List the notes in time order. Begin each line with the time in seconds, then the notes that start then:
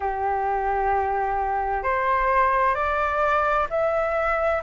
0.00 G4
1.83 C5
2.74 D5
3.70 E5